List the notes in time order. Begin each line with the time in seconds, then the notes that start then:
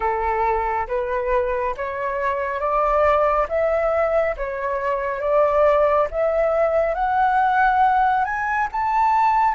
0.00 A4
0.87 B4
1.76 C#5
2.59 D5
3.48 E5
4.36 C#5
5.20 D5
6.11 E5
6.94 F#5
8.24 G#5
8.72 A5